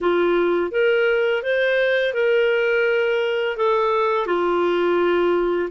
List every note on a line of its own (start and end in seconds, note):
0.00 0.71 F4
0.71 1.42 A#4
1.43 2.13 C5
2.13 3.56 A#4
3.56 4.26 A4
4.26 5.69 F4